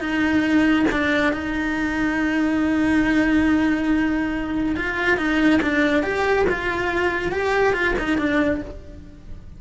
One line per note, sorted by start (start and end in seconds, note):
0.00 0.86 D#4
0.92 1.33 D4
1.33 4.76 D#4
4.77 5.17 F4
5.17 5.60 D#4
5.62 6.03 D4
6.03 6.46 G4
6.49 7.32 F4
7.32 7.73 G4
7.73 7.95 F4
7.99 8.18 D#4
8.18 8.61 D4